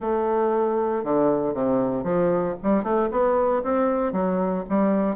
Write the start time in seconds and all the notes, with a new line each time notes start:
0.00 A3
1.04 D3
1.54 C3
2.03 F3
2.62 G3
2.83 A3
3.11 B3
3.63 C4
4.12 F#3
4.69 G3